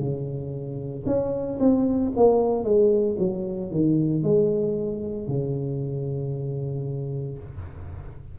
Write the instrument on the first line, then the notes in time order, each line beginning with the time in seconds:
tuba
0.00 C#3
1.07 C#4
1.60 C4
2.17 A#3
2.64 G#3
3.19 F#3
3.72 D#3
4.23 G#3
5.28 C#3